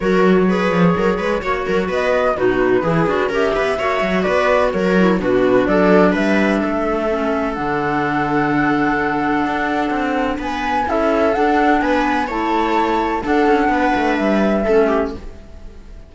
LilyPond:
<<
  \new Staff \with { instrumentName = "flute" } { \time 4/4 \tempo 4 = 127 cis''1 | dis''4 b'2 e''4~ | e''4 d''4 cis''4 b'4 | d''4 e''2. |
fis''1~ | fis''2 gis''4 e''4 | fis''4 gis''4 a''2 | fis''2 e''2 | }
  \new Staff \with { instrumentName = "viola" } { \time 4/4 ais'4 b'4 ais'8 b'8 cis''8 ais'8 | b'4 fis'4 gis'4 ais'8 b'8 | cis''4 b'4 ais'4 fis'4 | a'4 b'4 a'2~ |
a'1~ | a'2 b'4 a'4~ | a'4 b'4 cis''2 | a'4 b'2 a'8 g'8 | }
  \new Staff \with { instrumentName = "clarinet" } { \time 4/4 fis'4 gis'2 fis'4~ | fis'4 dis'4 e'8 fis'8 g'4 | fis'2~ fis'8 e'8 d'4~ | d'2. cis'4 |
d'1~ | d'2. e'4 | d'2 e'2 | d'2. cis'4 | }
  \new Staff \with { instrumentName = "cello" } { \time 4/4 fis4. f8 fis8 gis8 ais8 fis8 | b4 b,4 e8 d'8 cis'8 b8 | ais8 fis8 b4 fis4 b,4 | fis4 g4 a2 |
d1 | d'4 c'4 b4 cis'4 | d'4 b4 a2 | d'8 cis'8 b8 a8 g4 a4 | }
>>